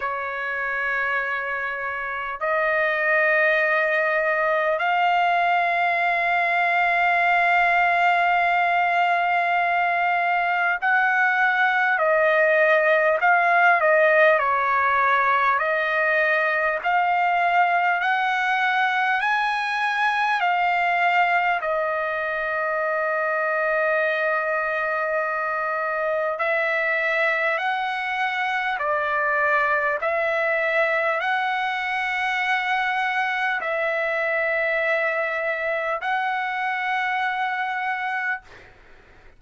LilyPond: \new Staff \with { instrumentName = "trumpet" } { \time 4/4 \tempo 4 = 50 cis''2 dis''2 | f''1~ | f''4 fis''4 dis''4 f''8 dis''8 | cis''4 dis''4 f''4 fis''4 |
gis''4 f''4 dis''2~ | dis''2 e''4 fis''4 | d''4 e''4 fis''2 | e''2 fis''2 | }